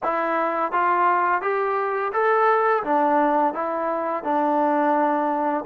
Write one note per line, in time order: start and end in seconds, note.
0.03 0.72 E4
0.72 1.41 F4
1.41 2.12 G4
2.12 2.83 A4
2.83 3.54 D4
3.54 4.23 E4
4.23 5.64 D4